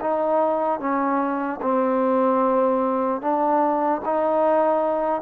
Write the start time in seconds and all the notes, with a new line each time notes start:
0.00 D#4
0.80 C#4
1.61 C4
3.21 D4
4.05 D#4